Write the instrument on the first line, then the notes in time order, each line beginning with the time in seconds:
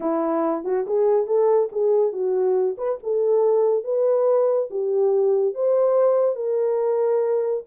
horn
0.00 E4
0.64 F#4
0.86 G#4
1.27 A4
1.71 G#4
2.12 F#4
2.77 B4
3.03 A4
3.83 B4
4.70 G4
5.54 C5
6.35 A#4